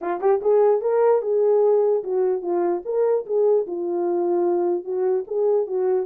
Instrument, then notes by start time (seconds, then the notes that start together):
horn
0.01 F4
0.20 G4
0.41 G#4
0.81 A#4
1.22 G#4
2.03 F#4
2.41 F4
2.85 A#4
3.25 G#4
3.66 F4
4.84 F#4
5.27 G#4
5.66 F#4